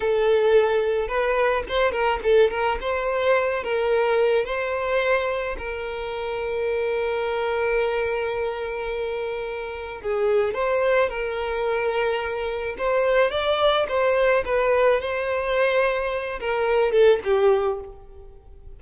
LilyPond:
\new Staff \with { instrumentName = "violin" } { \time 4/4 \tempo 4 = 108 a'2 b'4 c''8 ais'8 | a'8 ais'8 c''4. ais'4. | c''2 ais'2~ | ais'1~ |
ais'2 gis'4 c''4 | ais'2. c''4 | d''4 c''4 b'4 c''4~ | c''4. ais'4 a'8 g'4 | }